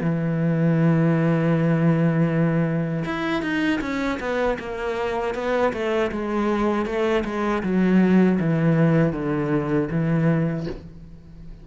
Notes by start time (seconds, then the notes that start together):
0.00 E3
3.05 E4
3.42 D#4
3.81 C#4
4.19 B3
4.58 A#3
5.34 B3
5.72 A3
6.11 G#3
6.85 A3
7.24 G#3
7.63 F#3
8.40 E3
9.12 D3
9.90 E3